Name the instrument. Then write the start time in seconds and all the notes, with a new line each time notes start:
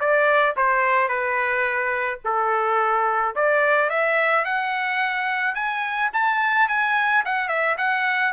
trumpet
0.00 D5
0.57 C5
1.09 B4
2.24 A4
3.35 D5
3.90 E5
4.45 F#5
5.55 G#5
6.13 A5
6.69 G#5
7.25 F#5
7.48 E5
7.78 F#5